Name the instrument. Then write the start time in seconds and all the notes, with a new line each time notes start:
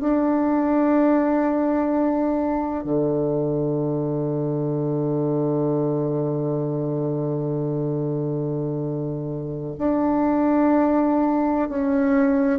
bassoon
0.00 D4
2.84 D3
9.78 D4
11.69 C#4